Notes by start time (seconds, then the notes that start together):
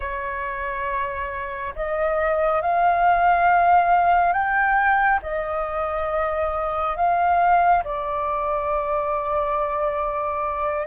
0.00 C#5
1.75 D#5
2.61 F5
4.32 G5
5.22 D#5
6.96 F5
7.84 D5